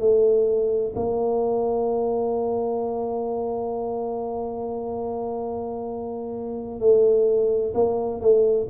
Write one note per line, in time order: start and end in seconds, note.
0.00 0.94 A3
0.95 6.80 A#3
6.80 7.73 A3
7.74 8.20 A#3
8.20 8.67 A3